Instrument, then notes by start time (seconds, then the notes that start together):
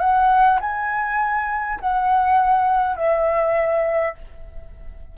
flute
0.00 F#5
0.61 G#5
1.80 F#5
2.96 E5